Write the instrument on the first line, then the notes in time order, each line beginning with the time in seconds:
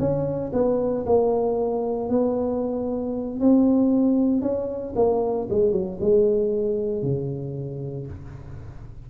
tuba
0.00 C#4
0.53 B3
1.06 A#3
2.10 B3
3.40 C4
4.42 C#4
4.96 A#3
5.50 G#3
5.72 F#3
6.01 G#3
7.03 C#3